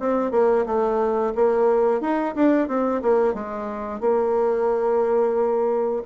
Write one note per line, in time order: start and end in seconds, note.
0.00 0.32 C4
0.32 0.66 A#3
0.66 1.34 A3
1.36 2.01 A#3
2.01 2.35 D#4
2.36 2.68 D4
2.68 3.02 C4
3.02 3.35 A#3
3.35 4.01 G#3
4.01 6.03 A#3